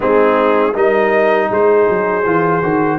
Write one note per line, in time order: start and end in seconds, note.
0.00 0.75 G#3
0.00 0.73 C4
0.00 0.73 D#4
0.00 0.75 G#4
0.73 1.50 G3
0.73 2.23 D#4
0.73 1.48 A#4
0.73 1.51 D#5
1.50 1.88 G#3
1.50 2.99 G#4
1.50 2.99 C5
1.88 2.25 F#3
2.25 2.62 E3
2.25 2.62 F4
2.62 2.99 D#3
2.62 2.99 F#4